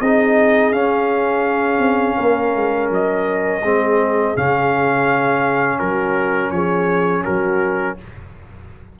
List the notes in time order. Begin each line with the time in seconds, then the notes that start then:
0.00 C4 D#4 G#4 D#5
0.72 C#4 F5
1.78 C4
2.17 A#3 A#4
2.55 G#3
2.90 F#3 D#5
3.62 G#3 C4 G#4
4.36 C#3 C#4 F5
5.79 F#3 F#4 A#4
6.51 F3 G#4 C#5
7.23 F#3 F#4 A#4